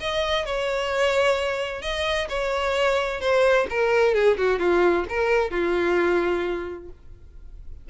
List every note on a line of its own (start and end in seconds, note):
0.00 0.45 D#5
0.45 1.82 C#5
1.82 2.28 D#5
2.29 3.20 C#5
3.20 3.67 C5
3.70 4.14 A#4
4.14 4.37 G#4
4.37 4.59 F#4
4.59 5.05 F4
5.09 5.50 A#4
5.50 6.89 F4